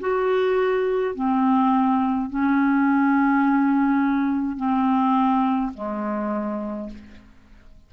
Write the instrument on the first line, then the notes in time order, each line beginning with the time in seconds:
clarinet
0.00 F#4
1.15 C4
2.30 C#4
4.57 C4
5.74 G#3